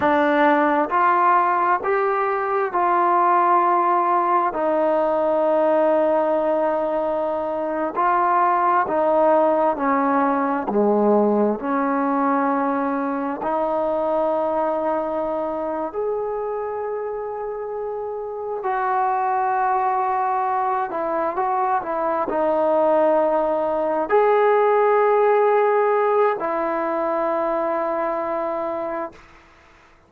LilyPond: \new Staff \with { instrumentName = "trombone" } { \time 4/4 \tempo 4 = 66 d'4 f'4 g'4 f'4~ | f'4 dis'2.~ | dis'8. f'4 dis'4 cis'4 gis16~ | gis8. cis'2 dis'4~ dis'16~ |
dis'4. gis'2~ gis'8~ | gis'8 fis'2~ fis'8 e'8 fis'8 | e'8 dis'2 gis'4.~ | gis'4 e'2. | }